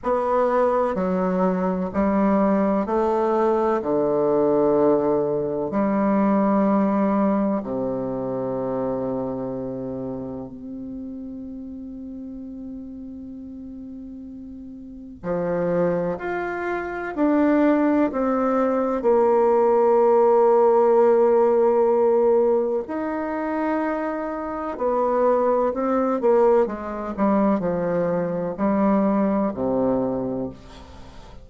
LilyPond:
\new Staff \with { instrumentName = "bassoon" } { \time 4/4 \tempo 4 = 63 b4 fis4 g4 a4 | d2 g2 | c2. c'4~ | c'1 |
f4 f'4 d'4 c'4 | ais1 | dis'2 b4 c'8 ais8 | gis8 g8 f4 g4 c4 | }